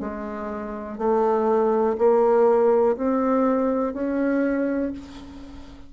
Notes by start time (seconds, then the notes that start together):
0.00 G#3
0.98 A3
1.98 A#3
2.97 C4
3.93 C#4